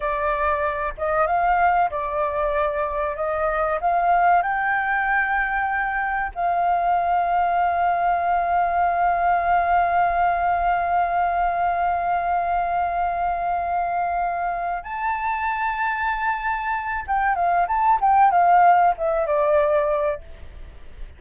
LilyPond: \new Staff \with { instrumentName = "flute" } { \time 4/4 \tempo 4 = 95 d''4. dis''8 f''4 d''4~ | d''4 dis''4 f''4 g''4~ | g''2 f''2~ | f''1~ |
f''1~ | f''2.~ f''8 a''8~ | a''2. g''8 f''8 | a''8 g''8 f''4 e''8 d''4. | }